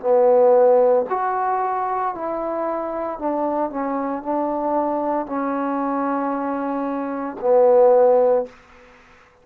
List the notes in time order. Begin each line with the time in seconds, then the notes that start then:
0.00 B3
1.09 F#4
2.14 E4
3.19 D4
3.70 C#4
4.22 D4
5.26 C#4
7.40 B3